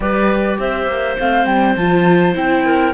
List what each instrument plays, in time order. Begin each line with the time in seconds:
0.00 cello G3, viola G4, clarinet B4, flute D5
0.58 cello C4, clarinet C5, flute E5
0.87 cello A#3
1.19 cello A3, viola C4, flute F5
1.45 cello G3, flute G5
1.75 cello F3, viola F4, flute A5
2.34 cello C4, viola E4, flute G5
2.65 clarinet A#4